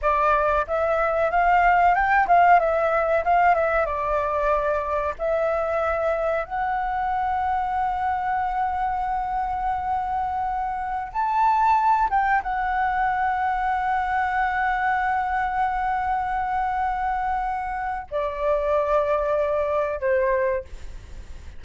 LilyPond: \new Staff \with { instrumentName = "flute" } { \time 4/4 \tempo 4 = 93 d''4 e''4 f''4 g''8 f''8 | e''4 f''8 e''8 d''2 | e''2 fis''2~ | fis''1~ |
fis''4~ fis''16 a''4. g''8 fis''8.~ | fis''1~ | fis''1 | d''2. c''4 | }